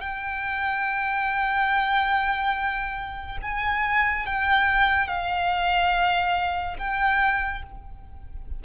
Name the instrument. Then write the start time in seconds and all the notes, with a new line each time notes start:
violin
0.00 G5
3.42 G#5
4.26 G5
5.07 F5
6.78 G5